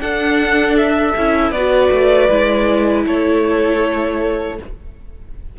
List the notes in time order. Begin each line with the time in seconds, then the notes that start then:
0.00 D4 A4 F#5
0.77 E5
1.17 C#4 E4
1.51 B3 F#4 B4 D5
1.91 A3
2.29 G#3 E4
3.05 A3 A4 C#5